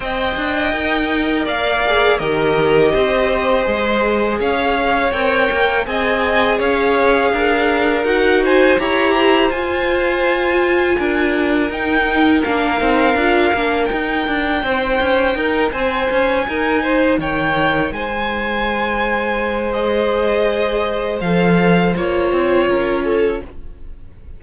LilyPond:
<<
  \new Staff \with { instrumentName = "violin" } { \time 4/4 \tempo 4 = 82 g''2 f''4 dis''4~ | dis''2 f''4 g''4 | gis''4 f''2 fis''8 gis''8 | ais''4 gis''2. |
g''4 f''2 g''4~ | g''4. gis''2 g''8~ | g''8 gis''2~ gis''8 dis''4~ | dis''4 f''4 cis''2 | }
  \new Staff \with { instrumentName = "violin" } { \time 4/4 dis''2 d''4 ais'4 | c''2 cis''2 | dis''4 cis''4 ais'4. c''8 | cis''8 c''2~ c''8 ais'4~ |
ais'1 | c''4 ais'8 c''4 ais'8 c''8 cis''8~ | cis''8 c''2.~ c''8~ | c''2. ais'8 a'8 | }
  \new Staff \with { instrumentName = "viola" } { \time 4/4 c''4 ais'4. gis'8 g'4~ | g'4 gis'2 ais'4 | gis'2. fis'4 | g'4 f'2. |
dis'4 d'8 dis'8 f'8 d'8 dis'4~ | dis'1~ | dis'2. gis'4~ | gis'4 a'4 f'2 | }
  \new Staff \with { instrumentName = "cello" } { \time 4/4 c'8 d'8 dis'4 ais4 dis4 | c'4 gis4 cis'4 c'8 ais8 | c'4 cis'4 d'4 dis'4 | e'4 f'2 d'4 |
dis'4 ais8 c'8 d'8 ais8 dis'8 d'8 | c'8 cis'8 dis'8 c'8 cis'8 dis'4 dis8~ | dis8 gis2.~ gis8~ | gis4 f4 ais8 c'8 cis'4 | }
>>